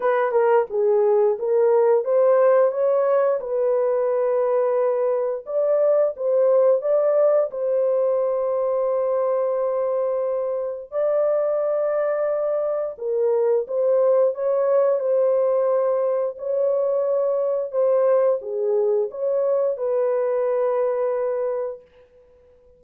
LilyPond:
\new Staff \with { instrumentName = "horn" } { \time 4/4 \tempo 4 = 88 b'8 ais'8 gis'4 ais'4 c''4 | cis''4 b'2. | d''4 c''4 d''4 c''4~ | c''1 |
d''2. ais'4 | c''4 cis''4 c''2 | cis''2 c''4 gis'4 | cis''4 b'2. | }